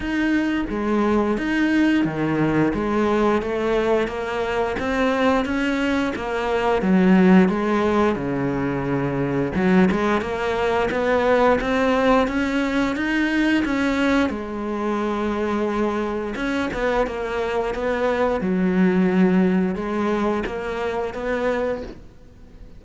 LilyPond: \new Staff \with { instrumentName = "cello" } { \time 4/4 \tempo 4 = 88 dis'4 gis4 dis'4 dis4 | gis4 a4 ais4 c'4 | cis'4 ais4 fis4 gis4 | cis2 fis8 gis8 ais4 |
b4 c'4 cis'4 dis'4 | cis'4 gis2. | cis'8 b8 ais4 b4 fis4~ | fis4 gis4 ais4 b4 | }